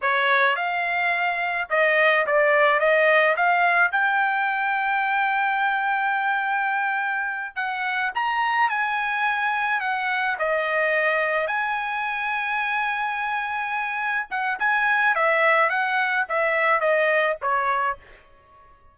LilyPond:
\new Staff \with { instrumentName = "trumpet" } { \time 4/4 \tempo 4 = 107 cis''4 f''2 dis''4 | d''4 dis''4 f''4 g''4~ | g''1~ | g''4. fis''4 ais''4 gis''8~ |
gis''4. fis''4 dis''4.~ | dis''8 gis''2.~ gis''8~ | gis''4. fis''8 gis''4 e''4 | fis''4 e''4 dis''4 cis''4 | }